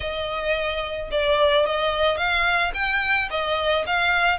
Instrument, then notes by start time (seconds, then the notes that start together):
violin
0.00 D#5
1.11 D5
1.65 D#5
2.17 F5
2.74 G5
3.30 D#5
3.86 F5